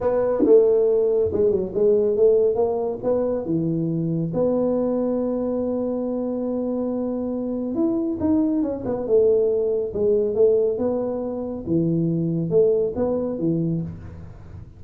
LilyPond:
\new Staff \with { instrumentName = "tuba" } { \time 4/4 \tempo 4 = 139 b4 a2 gis8 fis8 | gis4 a4 ais4 b4 | e2 b2~ | b1~ |
b2 e'4 dis'4 | cis'8 b8 a2 gis4 | a4 b2 e4~ | e4 a4 b4 e4 | }